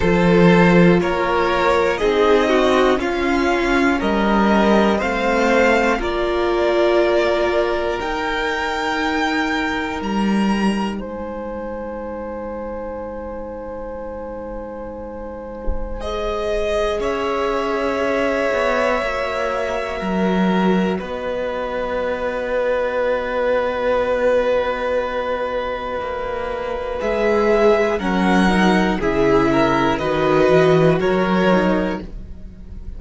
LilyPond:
<<
  \new Staff \with { instrumentName = "violin" } { \time 4/4 \tempo 4 = 60 c''4 cis''4 dis''4 f''4 | dis''4 f''4 d''2 | g''2 ais''4 gis''4~ | gis''1 |
dis''4 e''2.~ | e''4 dis''2.~ | dis''2. e''4 | fis''4 e''4 dis''4 cis''4 | }
  \new Staff \with { instrumentName = "violin" } { \time 4/4 a'4 ais'4 gis'8 fis'8 f'4 | ais'4 c''4 ais'2~ | ais'2. c''4~ | c''1~ |
c''4 cis''2. | ais'4 b'2.~ | b'1 | ais'4 gis'8 ais'8 b'4 ais'4 | }
  \new Staff \with { instrumentName = "viola" } { \time 4/4 f'2 dis'4 cis'4~ | cis'4 c'4 f'2 | dis'1~ | dis'1 |
gis'2. fis'4~ | fis'1~ | fis'2. gis'4 | cis'8 dis'8 e'4 fis'4. dis'8 | }
  \new Staff \with { instrumentName = "cello" } { \time 4/4 f4 ais4 c'4 cis'4 | g4 a4 ais2 | dis'2 g4 gis4~ | gis1~ |
gis4 cis'4. b8 ais4 | fis4 b2.~ | b2 ais4 gis4 | fis4 cis4 dis8 e8 fis4 | }
>>